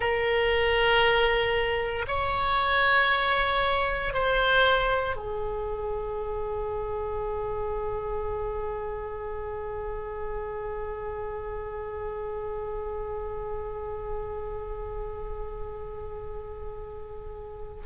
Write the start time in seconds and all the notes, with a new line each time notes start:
0.00 A#4
2.07 C#5
4.13 C5
5.15 G#4